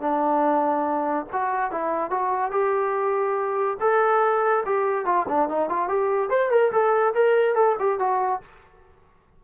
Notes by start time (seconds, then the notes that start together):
0.00 D4
1.32 F#4
1.71 E4
2.10 F#4
2.51 G4
3.80 A4
4.66 G4
5.05 F4
5.28 D4
5.49 D#4
5.69 F4
5.88 G4
6.30 C5
6.51 A#4
6.72 A4
7.14 A#4
7.55 A4
7.79 G4
7.99 F#4